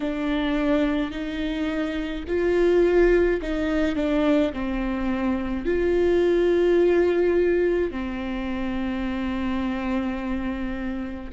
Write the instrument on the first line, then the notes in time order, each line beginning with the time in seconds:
viola
0.00 D4
1.11 D#4
2.27 F4
3.41 D#4
3.95 D4
4.53 C4
5.66 F4
7.91 C4